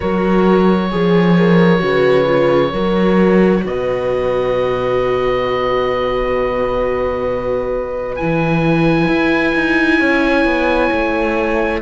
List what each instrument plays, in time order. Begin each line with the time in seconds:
0.00 cello F#3, viola F#4, horn A#4, oboe C#5
0.91 cello F3, viola G#4, horn G#4
1.37 horn A#4
1.79 cello C#3, viola F#4, horn B4
2.25 viola F4
2.72 cello F#3, viola F#4, horn A#4
3.65 cello B2, horn B4, oboe D#5
8.16 cello E3, viola E4, oboe G#5
9.07 cello E4
9.55 cello D#4
9.98 cello C#4, horn C#5
10.45 cello B3
10.91 cello A3